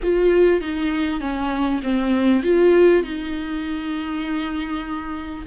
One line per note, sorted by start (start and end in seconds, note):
0.02 0.61 F4
0.61 1.20 D#4
1.20 1.80 C#4
1.82 2.43 C4
2.43 3.03 F4
3.03 5.45 D#4